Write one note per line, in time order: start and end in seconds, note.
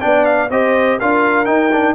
0.00 0.49 B3
0.00 0.48 D4
0.00 0.50 D5
0.00 0.25 G5
0.25 0.49 F5
0.49 0.98 C4
0.49 1.00 G4
0.49 0.98 C5
0.49 0.99 D#5
0.98 1.47 D4
0.98 1.45 F4
0.98 1.94 A#4
0.98 1.45 F5
1.45 1.69 D#4
1.45 1.94 D#4
1.45 1.93 G5
1.72 1.94 D4